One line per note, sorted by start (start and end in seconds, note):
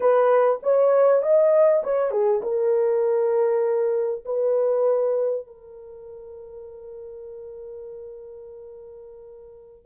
0.00 0.60 B4
0.63 1.22 C#5
1.22 1.83 D#5
1.83 2.10 C#5
2.10 2.41 G#4
2.42 4.24 A#4
4.25 5.46 B4
5.46 9.85 A#4